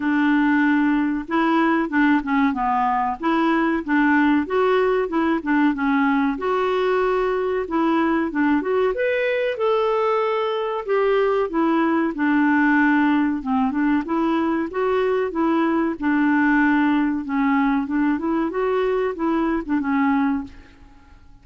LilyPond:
\new Staff \with { instrumentName = "clarinet" } { \time 4/4 \tempo 4 = 94 d'2 e'4 d'8 cis'8 | b4 e'4 d'4 fis'4 | e'8 d'8 cis'4 fis'2 | e'4 d'8 fis'8 b'4 a'4~ |
a'4 g'4 e'4 d'4~ | d'4 c'8 d'8 e'4 fis'4 | e'4 d'2 cis'4 | d'8 e'8 fis'4 e'8. d'16 cis'4 | }